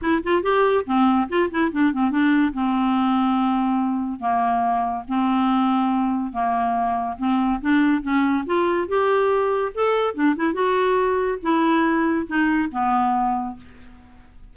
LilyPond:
\new Staff \with { instrumentName = "clarinet" } { \time 4/4 \tempo 4 = 142 e'8 f'8 g'4 c'4 f'8 e'8 | d'8 c'8 d'4 c'2~ | c'2 ais2 | c'2. ais4~ |
ais4 c'4 d'4 cis'4 | f'4 g'2 a'4 | d'8 e'8 fis'2 e'4~ | e'4 dis'4 b2 | }